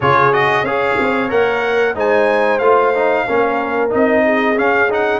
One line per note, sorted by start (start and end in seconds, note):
0.00 0.62 C#3
0.00 0.32 F4
0.00 0.64 G#4
0.00 0.33 C#5
0.32 0.65 F#4
0.32 0.65 D#5
0.62 0.95 C#4
0.62 1.29 G#4
0.62 1.95 C#5
0.62 1.30 F5
0.99 1.30 C4
1.29 1.95 A#3
1.29 1.94 A#4
1.29 1.96 F#5
1.95 2.60 G#3
1.95 2.60 D#4
1.95 3.26 C5
1.95 2.58 G#5
2.58 3.25 A3
2.58 2.94 F4
2.58 3.89 F5
2.95 3.27 D#4
3.26 3.94 A#3
3.26 3.89 C#4
3.26 4.24 A#4
3.89 4.59 C4
3.89 4.55 D#4
3.89 4.58 D#5
4.25 5.19 G#4
4.55 4.88 C#4
4.55 5.19 C#4
4.55 4.90 F5
4.90 5.19 D#4
4.90 5.19 F#5